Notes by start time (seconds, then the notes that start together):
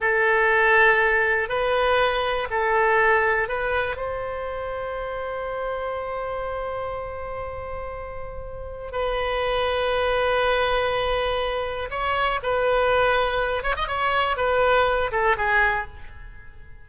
0.00 A4
1.48 B4
2.50 A4
3.48 B4
3.96 C5
8.92 B4
11.90 C#5
12.42 B4
13.63 C#5
13.76 D#5
13.87 C#5
14.37 B4
15.11 A4
15.37 G#4